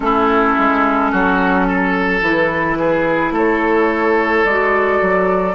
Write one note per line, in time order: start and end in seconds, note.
0.00 0.55 A3
0.00 2.20 C#4
0.00 1.11 E4
0.00 2.21 A4
0.58 1.12 G#3
1.11 2.21 F#3
1.11 1.66 F#4
1.66 2.78 A4
2.21 3.31 E3
2.21 4.46 E4
2.21 3.34 B4
2.78 3.33 G#4
3.31 4.42 A3
3.31 5.55 A4
3.31 4.44 C#5
4.44 5.00 G#3
4.44 5.55 F#4
4.44 5.55 D5
5.01 5.55 F#3